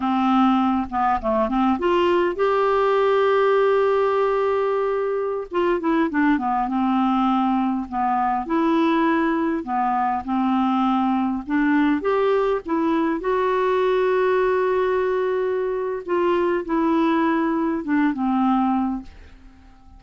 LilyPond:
\new Staff \with { instrumentName = "clarinet" } { \time 4/4 \tempo 4 = 101 c'4. b8 a8 c'8 f'4 | g'1~ | g'4~ g'16 f'8 e'8 d'8 b8 c'8.~ | c'4~ c'16 b4 e'4.~ e'16~ |
e'16 b4 c'2 d'8.~ | d'16 g'4 e'4 fis'4.~ fis'16~ | fis'2. f'4 | e'2 d'8 c'4. | }